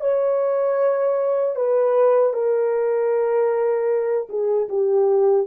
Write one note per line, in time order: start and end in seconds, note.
0.00 1.55 C#5
1.55 2.33 B4
2.33 4.28 A#4
4.29 4.68 G#4
4.68 5.46 G4